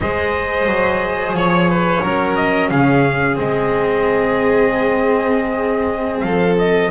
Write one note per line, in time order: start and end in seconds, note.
0.00 0.65 G#3
0.00 2.04 G#4
0.00 1.36 C5
0.00 1.35 D#5
0.65 1.31 F#3
1.31 1.99 F3
1.31 2.35 C#5
1.31 1.69 C#5
1.69 2.02 B4
2.02 2.71 F#3
2.02 3.35 C#4
2.02 2.69 A#4
2.35 2.69 D#5
2.70 3.38 C#3
2.70 6.24 G#4
2.70 3.37 F5
3.35 6.22 G#3
3.35 6.89 C4
3.35 6.20 D#5
6.20 6.90 F3
6.20 6.90 A4
6.20 6.53 F5
6.58 6.90 D#5